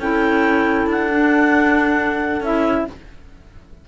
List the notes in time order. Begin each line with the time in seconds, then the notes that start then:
0.00 C#4 E4 A4 G5
0.87 D4 F#5
1.10 D4
2.41 C#4 E4 E5